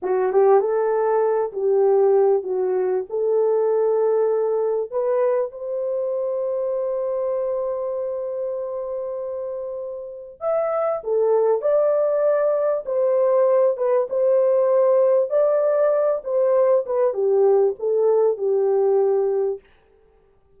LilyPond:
\new Staff \with { instrumentName = "horn" } { \time 4/4 \tempo 4 = 98 fis'8 g'8 a'4. g'4. | fis'4 a'2. | b'4 c''2.~ | c''1~ |
c''4 e''4 a'4 d''4~ | d''4 c''4. b'8 c''4~ | c''4 d''4. c''4 b'8 | g'4 a'4 g'2 | }